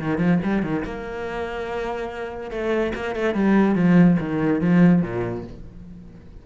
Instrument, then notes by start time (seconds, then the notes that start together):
cello
0.00 D#3
0.18 F3
0.43 G3
0.63 D#3
0.85 A#3
2.51 A3
2.95 A#3
3.16 A3
3.35 G3
3.76 F3
4.20 D#3
4.61 F3
5.03 A#2